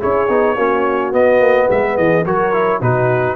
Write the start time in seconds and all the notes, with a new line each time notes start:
0.00 C#4 E4 G#4 C#5
0.29 B3 D#4
0.55 A#3 C#4 F#4
1.12 B3 D#5
1.41 A#3
1.70 G#3 B4 E5
1.97 E3 G#4 D#5
2.25 F#3 F#4 A#4 C#5
2.53 E4
2.81 B2 D#4 F#4 B4